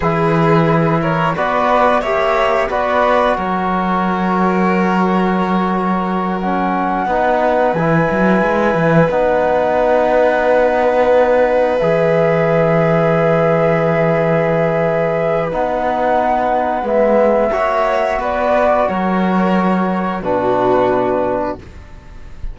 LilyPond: <<
  \new Staff \with { instrumentName = "flute" } { \time 4/4 \tempo 4 = 89 b'4. cis''8 d''4 e''4 | d''4 cis''2.~ | cis''4. fis''2 gis''8~ | gis''4. fis''2~ fis''8~ |
fis''4. e''2~ e''8~ | e''2. fis''4~ | fis''4 e''2 d''4 | cis''2 b'2 | }
  \new Staff \with { instrumentName = "violin" } { \time 4/4 gis'4. ais'8 b'4 cis''4 | b'4 ais'2.~ | ais'2~ ais'8 b'4.~ | b'1~ |
b'1~ | b'1~ | b'2 cis''4 b'4 | ais'2 fis'2 | }
  \new Staff \with { instrumentName = "trombone" } { \time 4/4 e'2 fis'4 g'4 | fis'1~ | fis'4. cis'4 dis'4 e'8~ | e'4. dis'2~ dis'8~ |
dis'4. gis'2~ gis'8~ | gis'2. dis'4~ | dis'4 b4 fis'2~ | fis'2 d'2 | }
  \new Staff \with { instrumentName = "cello" } { \time 4/4 e2 b4 ais4 | b4 fis2.~ | fis2~ fis8 b4 e8 | fis8 gis8 e8 b2~ b8~ |
b4. e2~ e8~ | e2. b4~ | b4 gis4 ais4 b4 | fis2 b,2 | }
>>